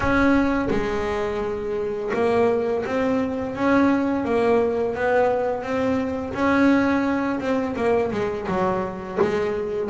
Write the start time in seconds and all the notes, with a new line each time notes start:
0.00 C#4
0.70 G#3
2.14 A#3
2.85 C4
3.55 C#4
4.24 A#3
4.95 B3
5.62 C4
6.33 C#4
7.39 C4
7.76 A#3
8.11 G#3
8.48 F#3
9.21 G#3